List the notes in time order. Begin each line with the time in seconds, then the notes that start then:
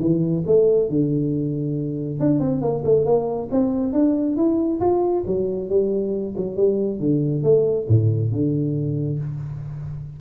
0.00 E3
0.46 A3
0.89 D3
2.20 D4
2.40 C4
2.62 A#3
2.85 A3
3.05 A#3
3.51 C4
3.93 D4
4.36 E4
4.80 F4
5.27 F#3
5.69 G3
6.37 F#3
6.57 G3
7.00 D3
7.43 A3
7.89 A2
8.32 D3